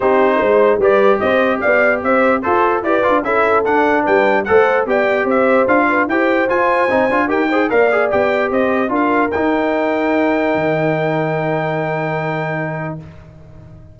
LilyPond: <<
  \new Staff \with { instrumentName = "trumpet" } { \time 4/4 \tempo 4 = 148 c''2 d''4 dis''4 | f''4 e''4 c''4 d''4 | e''4 fis''4 g''4 fis''4 | g''4 e''4 f''4 g''4 |
gis''2 g''4 f''4 | g''4 dis''4 f''4 g''4~ | g''1~ | g''1 | }
  \new Staff \with { instrumentName = "horn" } { \time 4/4 g'4 c''4 b'4 c''4 | d''4 c''4 a'4 b'4 | a'2 b'4 c''4 | d''4 c''4. b'8 c''4~ |
c''2 ais'8 c''8 d''4~ | d''4 c''4 ais'2~ | ais'1~ | ais'1 | }
  \new Staff \with { instrumentName = "trombone" } { \time 4/4 dis'2 g'2~ | g'2 a'4 g'8 f'8 | e'4 d'2 a'4 | g'2 f'4 g'4 |
f'4 dis'8 f'8 g'8 gis'8 ais'8 gis'8 | g'2 f'4 dis'4~ | dis'1~ | dis'1 | }
  \new Staff \with { instrumentName = "tuba" } { \time 4/4 c'4 gis4 g4 c'4 | b4 c'4 f'4 e'8 d'8 | cis'4 d'4 g4 a4 | b4 c'4 d'4 e'4 |
f'4 c'8 d'8 dis'4 ais4 | b4 c'4 d'4 dis'4~ | dis'2 dis2~ | dis1 | }
>>